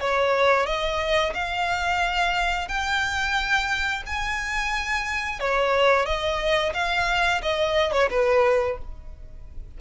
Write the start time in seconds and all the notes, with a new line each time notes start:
0.00 C#5
0.66 D#5
1.34 F5
2.68 G5
4.06 G#5
5.39 C#5
6.06 D#5
6.74 F5
7.42 D#5
7.92 C#5
8.10 B4